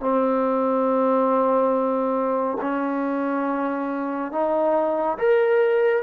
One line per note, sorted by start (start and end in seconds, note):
0.00 2.57 C4
2.61 4.32 C#4
4.32 5.17 D#4
5.18 6.02 A#4